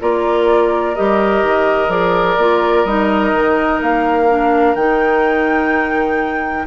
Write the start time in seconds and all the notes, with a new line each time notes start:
0.00 A#3 F4 A#4 D5
0.95 G3 G4 D#5
1.43 D#3
1.88 F3 G#4 D5
2.37 A#3 F4
2.84 G3 D#4 D#5
3.33 D#3
3.81 A#3 F5
4.29 D4
4.75 D#3 D#4 G5